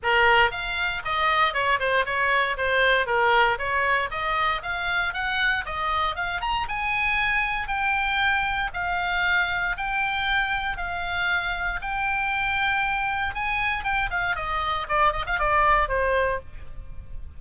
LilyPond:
\new Staff \with { instrumentName = "oboe" } { \time 4/4 \tempo 4 = 117 ais'4 f''4 dis''4 cis''8 c''8 | cis''4 c''4 ais'4 cis''4 | dis''4 f''4 fis''4 dis''4 | f''8 ais''8 gis''2 g''4~ |
g''4 f''2 g''4~ | g''4 f''2 g''4~ | g''2 gis''4 g''8 f''8 | dis''4 d''8 dis''16 f''16 d''4 c''4 | }